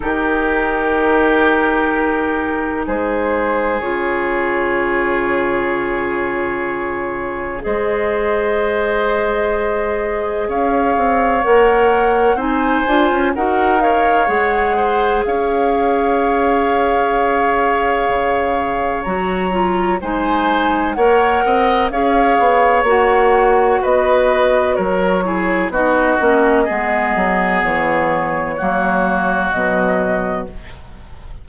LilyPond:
<<
  \new Staff \with { instrumentName = "flute" } { \time 4/4 \tempo 4 = 63 ais'2. c''4 | cis''1 | dis''2. f''4 | fis''4 gis''4 fis''8 f''8 fis''4 |
f''1 | ais''4 gis''4 fis''4 f''4 | fis''4 dis''4 cis''4 dis''4~ | dis''4 cis''2 dis''4 | }
  \new Staff \with { instrumentName = "oboe" } { \time 4/4 g'2. gis'4~ | gis'1 | c''2. cis''4~ | cis''4 c''4 ais'8 cis''4 c''8 |
cis''1~ | cis''4 c''4 cis''8 dis''8 cis''4~ | cis''4 b'4 ais'8 gis'8 fis'4 | gis'2 fis'2 | }
  \new Staff \with { instrumentName = "clarinet" } { \time 4/4 dis'1 | f'1 | gis'1 | ais'4 dis'8 f'8 fis'8 ais'8 gis'4~ |
gis'1 | fis'8 f'8 dis'4 ais'4 gis'4 | fis'2~ fis'8 e'8 dis'8 cis'8 | b2 ais4 fis4 | }
  \new Staff \with { instrumentName = "bassoon" } { \time 4/4 dis2. gis4 | cis1 | gis2. cis'8 c'8 | ais4 c'8 d'16 cis'16 dis'4 gis4 |
cis'2. cis4 | fis4 gis4 ais8 c'8 cis'8 b8 | ais4 b4 fis4 b8 ais8 | gis8 fis8 e4 fis4 b,4 | }
>>